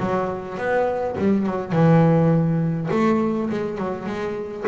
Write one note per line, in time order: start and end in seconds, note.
0.00 0.58 F#3
0.58 1.16 B3
1.18 1.46 G3
1.46 1.72 F#3
1.72 2.89 E3
2.91 3.50 A3
3.50 3.78 G#3
3.78 4.06 F#3
4.06 4.65 G#3